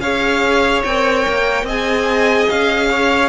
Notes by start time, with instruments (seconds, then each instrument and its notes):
0.00 cello C#4, viola G#4, violin C#5 F5
0.84 cello C4, viola A#4, violin G5
1.28 cello A#3
1.63 cello C4, viola G#4, violin D#5 G#5
2.49 cello C#4, violin F5
2.90 violin C#5